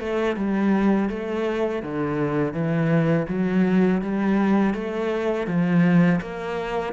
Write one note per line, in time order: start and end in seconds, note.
0.00 0.36 A3
0.36 1.09 G3
1.09 1.83 A3
1.83 2.53 D3
2.53 3.27 E3
3.28 4.01 F#3
4.01 4.74 G3
4.74 5.47 A3
5.47 6.20 F3
6.21 6.93 A#3